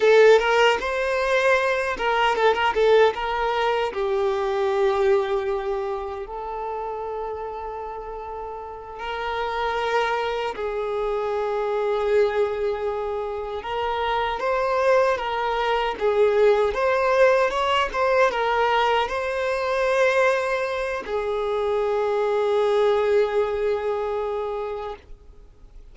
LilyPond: \new Staff \with { instrumentName = "violin" } { \time 4/4 \tempo 4 = 77 a'8 ais'8 c''4. ais'8 a'16 ais'16 a'8 | ais'4 g'2. | a'2.~ a'8 ais'8~ | ais'4. gis'2~ gis'8~ |
gis'4. ais'4 c''4 ais'8~ | ais'8 gis'4 c''4 cis''8 c''8 ais'8~ | ais'8 c''2~ c''8 gis'4~ | gis'1 | }